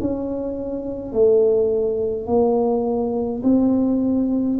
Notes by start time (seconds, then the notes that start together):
0.00 C#4
1.12 A3
2.27 A#3
3.44 C4